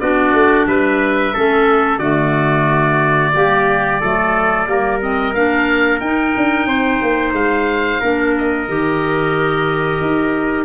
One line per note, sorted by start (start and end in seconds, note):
0.00 0.33 B3
0.00 1.34 D4
0.00 0.68 F#4
0.00 0.67 D5
0.33 0.67 A3
0.67 1.34 G3
0.67 1.34 B4
0.67 1.99 E5
1.34 1.99 A3
1.34 2.01 C#4
1.34 1.99 A4
1.99 3.32 D3
1.99 3.34 A3
1.99 3.33 F#4
1.99 4.99 D5
3.34 4.01 G3
3.34 4.01 A#3
3.34 4.01 G4
4.01 4.67 F#3
4.01 4.67 A3
4.01 4.67 A4
4.67 5.34 G3
4.67 5.00 A#3
4.67 6.68 A#4
5.01 5.34 C4
5.01 5.34 D#5
5.34 6.01 A#3
5.34 6.02 D4
5.34 6.00 F5
6.00 6.34 D#4
6.00 8.02 D#4
6.00 7.34 G5
6.37 6.66 D4
6.66 7.00 C4
6.66 8.01 C5
7.02 7.33 A#3
7.33 8.00 G#3
7.33 8.35 F5
8.01 8.69 A#3
8.01 8.68 D4
8.01 10.65 A#4
8.38 10.65 D#5
8.68 10.01 D#3
8.68 10.65 G4
10.01 10.65 D#4